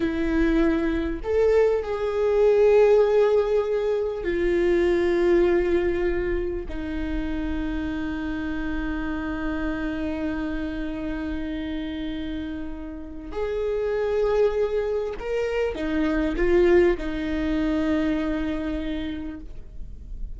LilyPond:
\new Staff \with { instrumentName = "viola" } { \time 4/4 \tempo 4 = 99 e'2 a'4 gis'4~ | gis'2. f'4~ | f'2. dis'4~ | dis'1~ |
dis'1~ | dis'2 gis'2~ | gis'4 ais'4 dis'4 f'4 | dis'1 | }